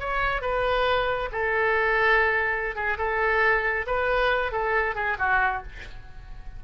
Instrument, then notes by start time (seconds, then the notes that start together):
oboe
0.00 C#5
0.42 B4
1.32 A4
2.76 G#4
2.98 A4
3.87 B4
4.52 A4
4.95 G#4
5.19 F#4